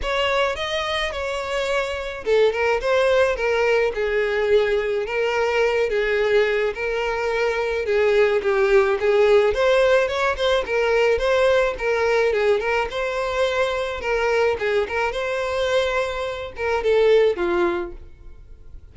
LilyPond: \new Staff \with { instrumentName = "violin" } { \time 4/4 \tempo 4 = 107 cis''4 dis''4 cis''2 | a'8 ais'8 c''4 ais'4 gis'4~ | gis'4 ais'4. gis'4. | ais'2 gis'4 g'4 |
gis'4 c''4 cis''8 c''8 ais'4 | c''4 ais'4 gis'8 ais'8 c''4~ | c''4 ais'4 gis'8 ais'8 c''4~ | c''4. ais'8 a'4 f'4 | }